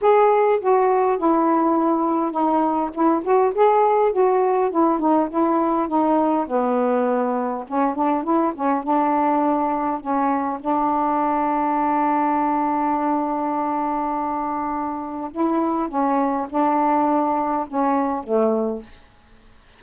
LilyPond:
\new Staff \with { instrumentName = "saxophone" } { \time 4/4 \tempo 4 = 102 gis'4 fis'4 e'2 | dis'4 e'8 fis'8 gis'4 fis'4 | e'8 dis'8 e'4 dis'4 b4~ | b4 cis'8 d'8 e'8 cis'8 d'4~ |
d'4 cis'4 d'2~ | d'1~ | d'2 e'4 cis'4 | d'2 cis'4 a4 | }